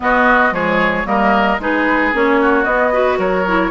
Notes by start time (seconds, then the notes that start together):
0.00 B3 F#4 D#5
0.50 F3 G#3 G#4 C#5
1.05 G3 A#3 A#4 D#5
1.58 G#3 D#4 G#4 B4
2.13 A#3 C#4 C#5
2.40 F#4
2.64 B3 D#5
2.92 F#4 B4
3.18 F#3 A#4 C#5
3.46 E4